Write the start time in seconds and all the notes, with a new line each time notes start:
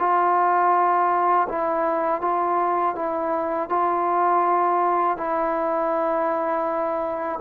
0.00 F4
1.49 E4
2.22 F4
2.96 E4
3.70 F4
5.18 E4